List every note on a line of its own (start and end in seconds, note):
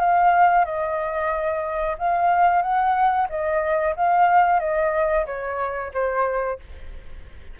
0.00 0.65 F5
0.65 1.97 D#5
1.98 2.62 F5
2.62 3.28 F#5
3.29 3.95 D#5
3.96 4.59 F5
4.59 5.25 D#5
5.26 5.92 C#5
5.94 6.60 C5